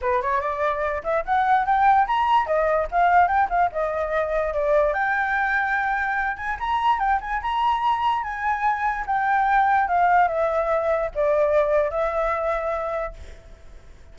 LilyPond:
\new Staff \with { instrumentName = "flute" } { \time 4/4 \tempo 4 = 146 b'8 cis''8 d''4. e''8 fis''4 | g''4 ais''4 dis''4 f''4 | g''8 f''8 dis''2 d''4 | g''2.~ g''8 gis''8 |
ais''4 g''8 gis''8 ais''2 | gis''2 g''2 | f''4 e''2 d''4~ | d''4 e''2. | }